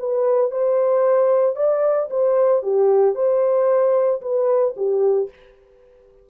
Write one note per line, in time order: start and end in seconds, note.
0.00 0.51 B4
0.51 1.56 C5
1.56 2.09 D5
2.11 2.63 C5
2.63 3.15 G4
3.15 4.22 C5
4.22 4.75 B4
4.77 5.30 G4